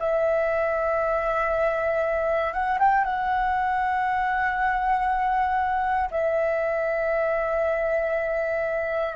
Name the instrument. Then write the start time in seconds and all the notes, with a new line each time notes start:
flute
0.00 E5
2.53 F#5
2.80 G5
3.05 F#5
6.11 E5